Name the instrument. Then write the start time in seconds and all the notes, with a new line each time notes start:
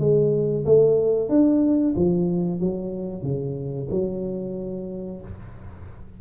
tuba
0.00 G#3
0.66 A3
1.30 D4
1.97 F3
2.61 F#3
3.23 C#3
3.91 F#3